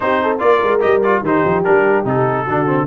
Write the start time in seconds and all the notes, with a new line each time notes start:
0.00 C4 D#4 G4 C5
0.22 A4
0.38 A#3 F4 A#4 D5
0.62 G#3
0.80 G3 G4 D#5
1.02 F4 D5
1.21 D#3 D#4 G4 C5
1.45 F3
1.64 G3 D4 A#4
2.04 C3 D#4 A4
2.44 D3 D4 F#4
2.66 C4